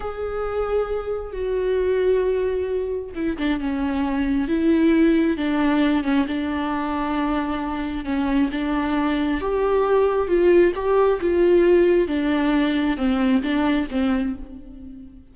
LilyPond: \new Staff \with { instrumentName = "viola" } { \time 4/4 \tempo 4 = 134 gis'2. fis'4~ | fis'2. e'8 d'8 | cis'2 e'2 | d'4. cis'8 d'2~ |
d'2 cis'4 d'4~ | d'4 g'2 f'4 | g'4 f'2 d'4~ | d'4 c'4 d'4 c'4 | }